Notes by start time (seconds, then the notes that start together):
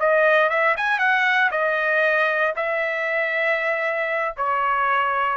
0.00 D#5
0.50 E5
0.77 G#5
0.99 F#5
1.52 D#5
2.56 E5
4.38 C#5